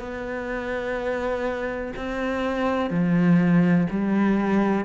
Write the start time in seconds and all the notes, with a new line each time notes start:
0.00 B3
1.97 C4
2.91 F3
3.91 G3